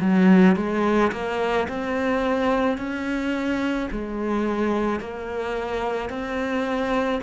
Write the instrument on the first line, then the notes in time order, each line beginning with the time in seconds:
cello
0.00 F#3
0.56 G#3
1.12 A#3
1.68 C4
2.77 C#4
3.91 G#3
5.00 A#3
6.09 C4